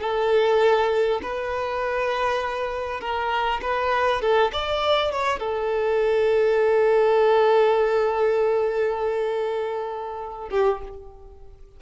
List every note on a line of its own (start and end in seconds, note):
0.00 1.20 A4
1.22 3.00 B4
3.00 3.60 A#4
3.61 4.21 B4
4.21 4.51 A4
4.52 5.11 D5
5.11 5.39 C#5
5.39 10.49 A4
10.50 10.80 G4